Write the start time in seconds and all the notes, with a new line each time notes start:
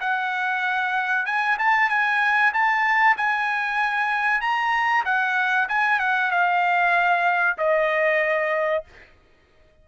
0.00 F#5
1.25 G#5
1.58 A5
1.89 G#5
2.53 A5
3.17 G#5
4.41 A#5
5.05 F#5
5.68 G#5
5.99 F#5
6.31 F5
7.58 D#5